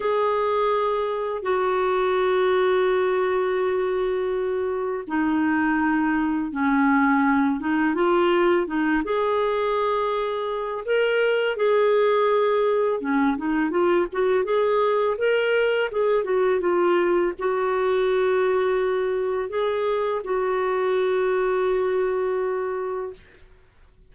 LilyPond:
\new Staff \with { instrumentName = "clarinet" } { \time 4/4 \tempo 4 = 83 gis'2 fis'2~ | fis'2. dis'4~ | dis'4 cis'4. dis'8 f'4 | dis'8 gis'2~ gis'8 ais'4 |
gis'2 cis'8 dis'8 f'8 fis'8 | gis'4 ais'4 gis'8 fis'8 f'4 | fis'2. gis'4 | fis'1 | }